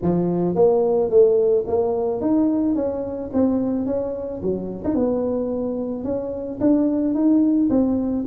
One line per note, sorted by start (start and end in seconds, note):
0.02 0.55 F3
0.55 1.09 A#3
1.09 1.64 A3
1.67 2.21 A#3
2.21 2.75 D#4
2.75 3.30 C#4
3.33 3.86 C4
3.86 4.41 C#4
4.42 4.83 F#3
4.84 4.94 D#4
4.94 6.04 B3
6.04 6.59 C#4
6.60 7.14 D4
7.14 7.69 D#4
7.70 8.25 C4